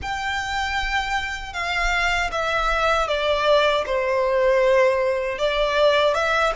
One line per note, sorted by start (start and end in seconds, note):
0.01 1.53 G5
1.53 2.30 F5
2.31 3.07 E5
3.07 3.84 D5
3.86 5.38 C5
5.38 6.14 D5
6.14 6.52 E5